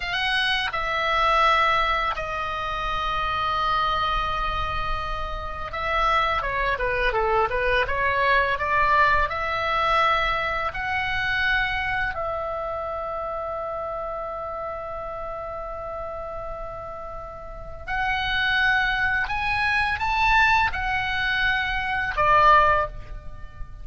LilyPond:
\new Staff \with { instrumentName = "oboe" } { \time 4/4 \tempo 4 = 84 fis''4 e''2 dis''4~ | dis''1 | e''4 cis''8 b'8 a'8 b'8 cis''4 | d''4 e''2 fis''4~ |
fis''4 e''2.~ | e''1~ | e''4 fis''2 gis''4 | a''4 fis''2 d''4 | }